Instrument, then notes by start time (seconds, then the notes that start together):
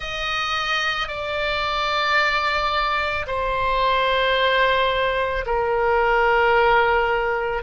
oboe
0.00 D#5
1.08 D5
3.27 C5
5.45 A#4